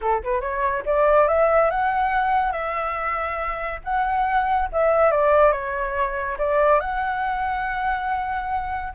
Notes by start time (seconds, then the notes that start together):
0.01 A4
0.23 B4
0.40 C#5
0.85 D5
1.28 E5
1.70 F#5
2.52 E5
3.83 F#5
4.72 E5
5.11 D5
5.52 C#5
6.38 D5
6.79 F#5